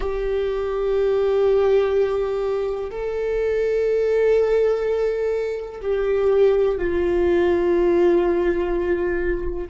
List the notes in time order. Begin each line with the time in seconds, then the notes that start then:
0.00 G4
2.90 A4
5.81 G4
6.77 F4